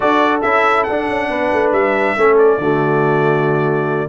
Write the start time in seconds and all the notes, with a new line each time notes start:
0.00 D4 F#4 A4 D5
0.41 C#4 E4 E5
0.83 D4 F#5
0.90 D4
1.07 C#4
1.29 B3 B4
1.52 A3
1.71 G3 E5
2.16 A3 C#4 A4
2.38 D5
2.58 D3 A3 F#4